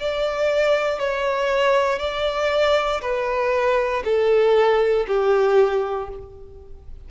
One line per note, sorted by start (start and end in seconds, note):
0.00 0.99 D5
0.99 1.99 C#5
1.99 3.01 D5
3.01 4.03 B4
4.04 5.06 A4
5.08 6.09 G4